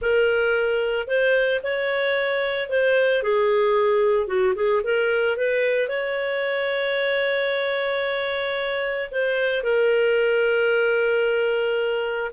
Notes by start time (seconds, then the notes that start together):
0.01 A#4
1.07 C5
1.63 C#5
2.69 C5
3.22 G#4
4.27 F#4
4.55 G#4
4.83 A#4
5.36 B4
5.88 C#5
9.11 C5
9.63 A#4